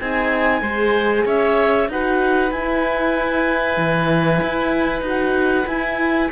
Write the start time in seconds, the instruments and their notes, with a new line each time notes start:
0.00 cello C4, horn D#4, oboe G#4, clarinet G#5
0.62 cello G#3, horn G#4, oboe C5
1.26 cello C#4, oboe C#5, clarinet E5
1.88 cello D#4, horn F#4, oboe B4, clarinet F#5
2.50 horn E4, cello E4, clarinet G#5
3.77 cello E3
4.42 cello E4
5.02 cello D#4, horn F#4
5.09 clarinet F#5
5.67 horn E4, cello E4, clarinet G#5